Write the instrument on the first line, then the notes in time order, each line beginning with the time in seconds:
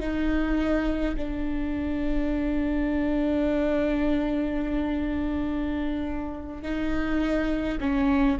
viola
0.00 D#4
1.16 D4
6.62 D#4
7.80 C#4